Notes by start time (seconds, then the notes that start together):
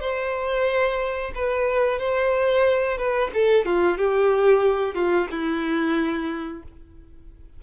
0.00 C5
1.35 B4
1.99 C5
2.98 B4
3.34 A4
3.65 F4
3.97 G4
4.95 F4
5.31 E4